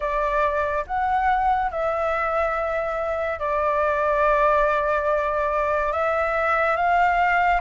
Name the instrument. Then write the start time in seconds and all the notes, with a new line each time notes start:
flute
0.00 D5
0.86 F#5
1.71 E5
3.39 D5
5.92 E5
6.76 F5